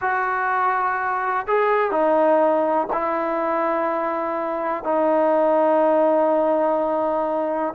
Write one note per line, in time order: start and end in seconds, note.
0.01 1.46 F#4
1.47 1.91 G#4
1.91 2.87 D#4
2.93 4.83 E4
4.83 7.74 D#4